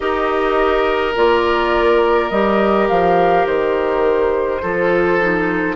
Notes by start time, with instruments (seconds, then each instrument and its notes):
0.00 bassoon D#4, clarinet G4, oboe A#4, flute D#5
1.16 bassoon A#3, clarinet F4, flute D5
2.29 bassoon G3, clarinet G4, flute D#5
2.88 bassoon F3, flute F5
3.45 bassoon D#3, flute C5
4.62 bassoon F3, clarinet F4, oboe A4
5.20 clarinet D#4